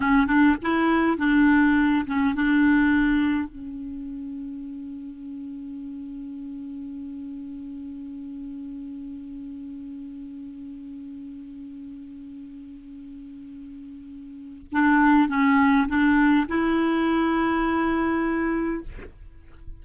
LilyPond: \new Staff \with { instrumentName = "clarinet" } { \time 4/4 \tempo 4 = 102 cis'8 d'8 e'4 d'4. cis'8 | d'2 cis'2~ | cis'1~ | cis'1~ |
cis'1~ | cis'1~ | cis'4 d'4 cis'4 d'4 | e'1 | }